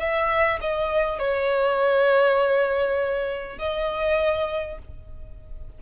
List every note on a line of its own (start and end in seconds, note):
0.00 0.60 E5
0.61 1.19 D#5
1.19 3.58 C#5
3.58 4.78 D#5